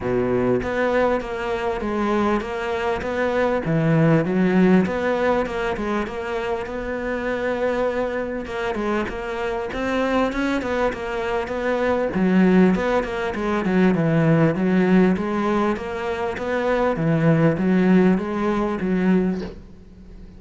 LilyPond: \new Staff \with { instrumentName = "cello" } { \time 4/4 \tempo 4 = 99 b,4 b4 ais4 gis4 | ais4 b4 e4 fis4 | b4 ais8 gis8 ais4 b4~ | b2 ais8 gis8 ais4 |
c'4 cis'8 b8 ais4 b4 | fis4 b8 ais8 gis8 fis8 e4 | fis4 gis4 ais4 b4 | e4 fis4 gis4 fis4 | }